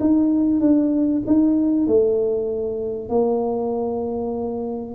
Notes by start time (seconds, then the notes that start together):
0.00 D#4
0.60 D4
1.26 D#4
1.87 A3
3.09 A#3